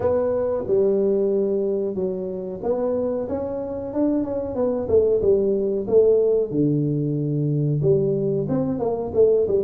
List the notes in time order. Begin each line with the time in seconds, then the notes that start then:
0.00 B3
0.67 G3
1.94 F#3
2.62 B3
3.28 C#4
3.93 D4
4.24 C#4
4.55 B3
4.88 A3
5.21 G3
5.87 A3
6.50 D3
7.82 G3
8.48 C4
8.79 A#3
9.14 A3
9.47 G3